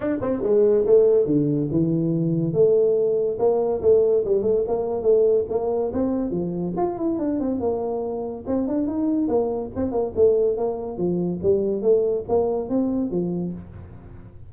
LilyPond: \new Staff \with { instrumentName = "tuba" } { \time 4/4 \tempo 4 = 142 d'8 c'8 gis4 a4 d4 | e2 a2 | ais4 a4 g8 a8 ais4 | a4 ais4 c'4 f4 |
f'8 e'8 d'8 c'8 ais2 | c'8 d'8 dis'4 ais4 c'8 ais8 | a4 ais4 f4 g4 | a4 ais4 c'4 f4 | }